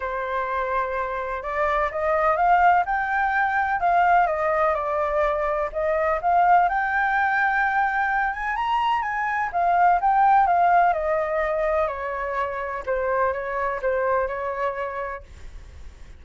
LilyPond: \new Staff \with { instrumentName = "flute" } { \time 4/4 \tempo 4 = 126 c''2. d''4 | dis''4 f''4 g''2 | f''4 dis''4 d''2 | dis''4 f''4 g''2~ |
g''4. gis''8 ais''4 gis''4 | f''4 g''4 f''4 dis''4~ | dis''4 cis''2 c''4 | cis''4 c''4 cis''2 | }